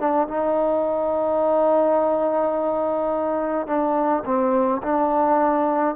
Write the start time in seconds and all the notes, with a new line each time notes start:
0.00 D4
0.28 D#4
3.67 D4
4.26 C4
4.83 D4